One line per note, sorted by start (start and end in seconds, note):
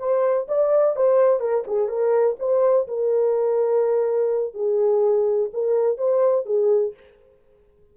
0.00 0.48 C5
0.48 0.96 D5
0.96 1.41 C5
1.41 1.65 A#4
1.68 1.89 G#4
1.89 2.37 A#4
2.40 2.88 C5
2.88 4.54 A#4
4.54 5.50 G#4
5.54 5.98 A#4
5.98 6.46 C5
6.46 6.94 G#4